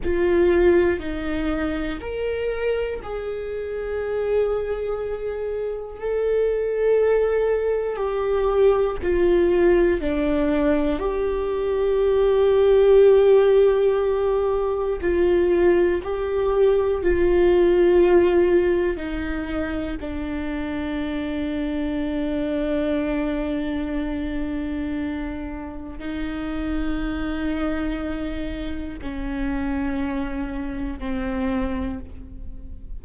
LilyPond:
\new Staff \with { instrumentName = "viola" } { \time 4/4 \tempo 4 = 60 f'4 dis'4 ais'4 gis'4~ | gis'2 a'2 | g'4 f'4 d'4 g'4~ | g'2. f'4 |
g'4 f'2 dis'4 | d'1~ | d'2 dis'2~ | dis'4 cis'2 c'4 | }